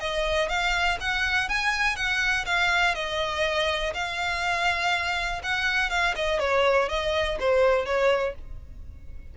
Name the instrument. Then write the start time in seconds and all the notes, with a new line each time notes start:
violin
0.00 D#5
0.49 F5
1.00 F#5
1.49 G#5
1.96 F#5
2.45 F5
2.95 D#5
3.94 F5
5.43 F#5
5.90 F5
6.16 D#5
6.40 C#5
6.89 D#5
7.39 C5
7.86 C#5